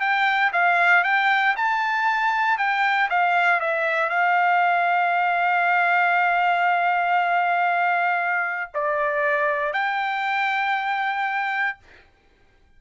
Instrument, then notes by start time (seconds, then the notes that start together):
trumpet
0.00 G5
0.52 F5
1.04 G5
1.56 A5
2.58 G5
3.10 F5
3.60 E5
4.09 F5
8.74 D5
9.73 G5